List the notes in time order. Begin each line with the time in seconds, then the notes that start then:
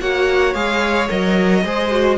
0.00 A#3 F#4 C#5 F#5
0.54 G#3 G#4 F5
1.08 F#3 A#4 D#5
1.64 G#3 G#4 C5
1.91 F#4